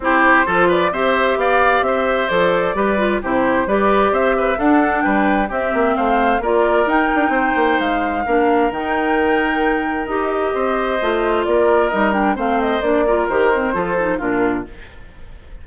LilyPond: <<
  \new Staff \with { instrumentName = "flute" } { \time 4/4 \tempo 4 = 131 c''4. d''8 e''4 f''4 | e''4 d''2 c''4 | d''4 e''4 fis''4 g''4 | e''4 f''4 d''4 g''4~ |
g''4 f''2 g''4~ | g''2 dis''2~ | dis''4 d''4 dis''8 g''8 f''8 dis''8 | d''4 c''2 ais'4 | }
  \new Staff \with { instrumentName = "oboe" } { \time 4/4 g'4 a'8 b'8 c''4 d''4 | c''2 b'4 g'4 | b'4 c''8 b'8 a'4 b'4 | g'4 c''4 ais'2 |
c''2 ais'2~ | ais'2. c''4~ | c''4 ais'2 c''4~ | c''8 ais'4. a'4 f'4 | }
  \new Staff \with { instrumentName = "clarinet" } { \time 4/4 e'4 f'4 g'2~ | g'4 a'4 g'8 f'8 e'4 | g'2 d'2 | c'2 f'4 dis'4~ |
dis'2 d'4 dis'4~ | dis'2 g'2 | f'2 dis'8 d'8 c'4 | d'8 f'8 g'8 c'8 f'8 dis'8 d'4 | }
  \new Staff \with { instrumentName = "bassoon" } { \time 4/4 c'4 f4 c'4 b4 | c'4 f4 g4 c4 | g4 c'4 d'4 g4 | c'8 ais8 a4 ais4 dis'8 d'8 |
c'8 ais8 gis4 ais4 dis4~ | dis2 dis'4 c'4 | a4 ais4 g4 a4 | ais4 dis4 f4 ais,4 | }
>>